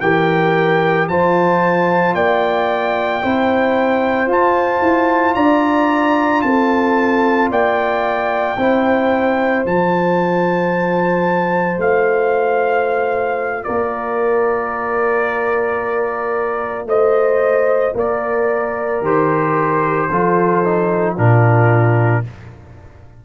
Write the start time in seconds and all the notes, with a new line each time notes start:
0.00 E3 G4 A#4 G5
1.08 F3 F4 C5 A5
2.14 A#3 D5 G5
3.22 C4 E4 C5
4.27 F4 A5
4.81 E4
5.35 D4 D5 A#5
6.42 C4 A4 A5
7.50 A#3 D5 G5
8.57 C4 E4 C5
9.65 F3 F4 A5
11.77 A3 F5
13.64 A#3 A#4 D5
16.85 A3 C5 D#5
17.94 A#3 A#4 D5
19.01 D#3 G4 C5
20.09 F3 F4 A4
20.64 D#4
21.15 A#2 D4 F4 A#4